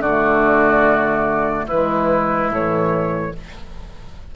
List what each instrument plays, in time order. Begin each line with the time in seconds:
0.00 bassoon D3, oboe F#4, flute D5
0.06 clarinet A3
1.66 bassoon E3, clarinet G#3, oboe E4, flute B4
2.49 bassoon A2, clarinet E3, flute C#5